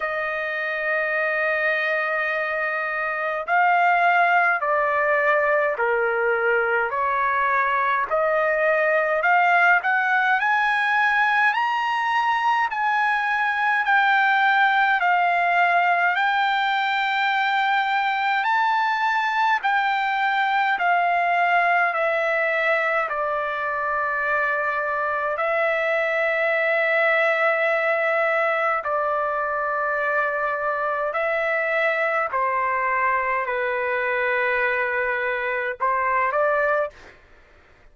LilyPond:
\new Staff \with { instrumentName = "trumpet" } { \time 4/4 \tempo 4 = 52 dis''2. f''4 | d''4 ais'4 cis''4 dis''4 | f''8 fis''8 gis''4 ais''4 gis''4 | g''4 f''4 g''2 |
a''4 g''4 f''4 e''4 | d''2 e''2~ | e''4 d''2 e''4 | c''4 b'2 c''8 d''8 | }